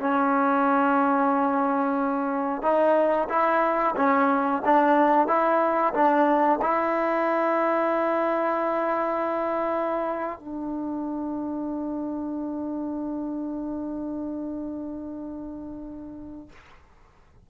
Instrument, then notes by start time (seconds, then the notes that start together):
trombone
0.00 C#4
2.62 D#4
3.29 E4
3.96 C#4
4.65 D4
5.27 E4
5.94 D4
6.62 E4
10.39 D4